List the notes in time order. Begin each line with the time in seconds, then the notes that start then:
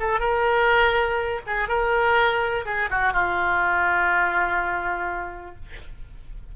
0.00 A4
0.20 A#4
1.47 G#4
1.68 A#4
2.66 G#4
2.90 F#4
3.13 F4